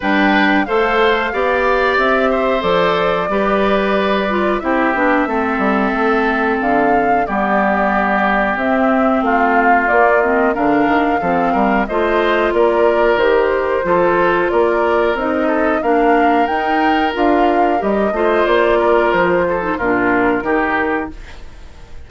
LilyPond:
<<
  \new Staff \with { instrumentName = "flute" } { \time 4/4 \tempo 4 = 91 g''4 f''2 e''4 | d''2. e''4~ | e''2 f''4 d''4~ | d''4 e''4 f''4 d''8 dis''8 |
f''2 dis''4 d''4 | c''2 d''4 dis''4 | f''4 g''4 f''4 dis''4 | d''4 c''4 ais'2 | }
  \new Staff \with { instrumentName = "oboe" } { \time 4/4 b'4 c''4 d''4. c''8~ | c''4 b'2 g'4 | a'2. g'4~ | g'2 f'2 |
ais'4 a'8 ais'8 c''4 ais'4~ | ais'4 a'4 ais'4. a'8 | ais'2.~ ais'8 c''8~ | c''8 ais'4 a'8 f'4 g'4 | }
  \new Staff \with { instrumentName = "clarinet" } { \time 4/4 d'4 a'4 g'2 | a'4 g'4. f'8 e'8 d'8 | c'2. b4~ | b4 c'2 ais8 c'8 |
d'4 c'4 f'2 | g'4 f'2 dis'4 | d'4 dis'4 f'4 g'8 f'8~ | f'4.~ f'16 dis'16 d'4 dis'4 | }
  \new Staff \with { instrumentName = "bassoon" } { \time 4/4 g4 a4 b4 c'4 | f4 g2 c'8 b8 | a8 g8 a4 d4 g4~ | g4 c'4 a4 ais4 |
d8 dis8 f8 g8 a4 ais4 | dis4 f4 ais4 c'4 | ais4 dis'4 d'4 g8 a8 | ais4 f4 ais,4 dis4 | }
>>